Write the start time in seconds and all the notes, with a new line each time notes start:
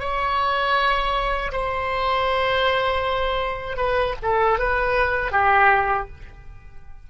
0.00 C#5
1.52 C5
3.77 B4
4.23 A4
4.59 B4
5.32 G4